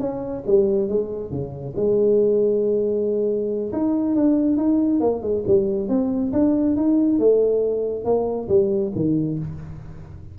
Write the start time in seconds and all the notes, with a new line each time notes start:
0.00 C#4
0.47 G3
0.89 G#3
1.31 C#3
1.76 G#3
3.73 D#4
4.15 D4
4.57 D#4
5.01 A#3
5.23 G#3
5.47 G3
5.89 C4
6.33 D4
6.76 D#4
7.19 A3
8.05 A#3
8.49 G3
8.96 D#3